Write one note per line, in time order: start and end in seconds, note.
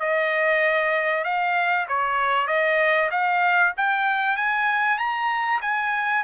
0.00 1.24 D#5
1.24 1.87 F5
1.89 2.47 C#5
2.47 3.10 D#5
3.11 3.74 F5
3.77 4.37 G5
4.37 4.98 G#5
4.98 5.61 A#5
5.62 6.24 G#5